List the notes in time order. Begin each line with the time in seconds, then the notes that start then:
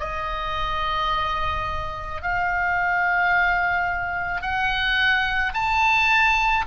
0.00 D#5
2.22 F5
4.42 F#5
5.54 A5